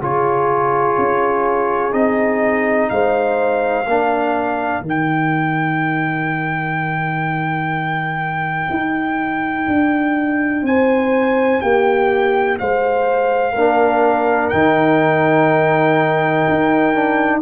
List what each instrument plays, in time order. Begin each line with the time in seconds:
0.00 tuba C#3, trombone F4, horn G#4, trumpet C#5
0.98 tuba C#4
1.91 tuba C4, trombone D#4, trumpet D#5
2.90 tuba G#3, horn C5, trumpet F5
3.86 tuba A#3, trombone D4, horn A#4
4.81 tuba D#3, trombone D#4
4.89 trumpet G5
8.70 tuba D#4
9.68 tuba D4
10.62 tuba C4, horn C5, trumpet G#5
11.61 tuba A#3, horn G4, trumpet G5
12.59 tuba G#3, horn C5, trumpet F5
13.52 tuba A#3, trombone D4, horn A#4
14.49 tuba D#3, trombone D#4, trumpet G5
16.49 tuba D#4
16.94 trombone D4